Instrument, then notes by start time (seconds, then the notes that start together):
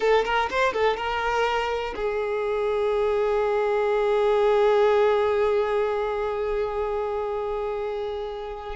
violin
0.00 A4
0.24 A#4
0.50 C5
0.73 A4
0.96 A#4
1.95 G#4